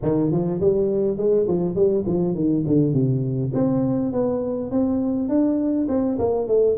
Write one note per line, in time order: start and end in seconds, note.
0.02 0.31 D#3
0.31 0.60 F3
0.60 1.17 G3
1.17 1.46 G#3
1.47 1.75 F3
1.75 2.04 G3
2.06 2.34 F3
2.34 2.64 D#3
2.67 2.93 D3
2.93 3.52 C3
3.53 4.12 C4
4.12 4.70 B3
4.70 5.28 C4
5.28 5.87 D4
5.88 6.17 C4
6.18 6.47 A#3
6.47 6.77 A3